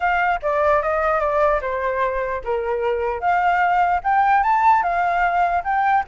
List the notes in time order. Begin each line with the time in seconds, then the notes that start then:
0.00 F5
0.42 D5
0.82 D#5
1.20 D5
1.61 C5
2.44 A#4
3.20 F5
4.03 G5
4.43 A5
4.82 F5
5.64 G5